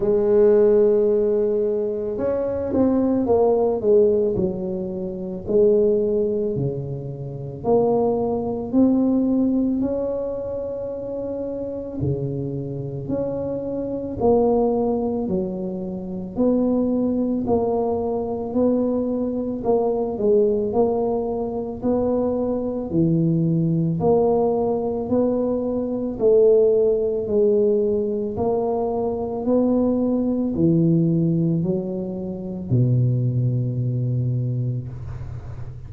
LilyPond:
\new Staff \with { instrumentName = "tuba" } { \time 4/4 \tempo 4 = 55 gis2 cis'8 c'8 ais8 gis8 | fis4 gis4 cis4 ais4 | c'4 cis'2 cis4 | cis'4 ais4 fis4 b4 |
ais4 b4 ais8 gis8 ais4 | b4 e4 ais4 b4 | a4 gis4 ais4 b4 | e4 fis4 b,2 | }